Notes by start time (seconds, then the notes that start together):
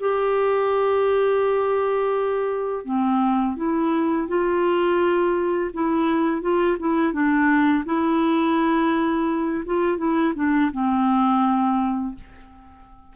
0.00 G4
2.85 C4
3.56 E4
4.28 F4
5.74 E4
6.42 F4
6.80 E4
7.13 D4
7.86 E4
9.66 F4
9.98 E4
10.36 D4
10.72 C4